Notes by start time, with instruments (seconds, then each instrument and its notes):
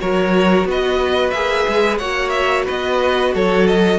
0.00 cello F#3, viola F#4, violin A#4 C#5
0.64 cello B3, violin B4
0.71 violin D#5
1.30 cello A#3, viola G#4, violin E5
1.67 cello G#3
1.98 cello A#3, viola F#4, violin C#5 F#5
2.29 violin E5
2.65 cello B3, violin B4 D#5
3.34 cello F#3, violin A4 C#5
3.67 violin D#5